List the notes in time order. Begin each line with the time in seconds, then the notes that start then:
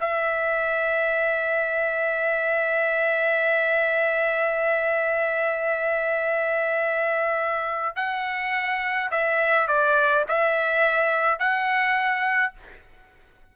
0.00 E5
7.96 F#5
9.11 E5
9.68 D5
10.28 E5
11.39 F#5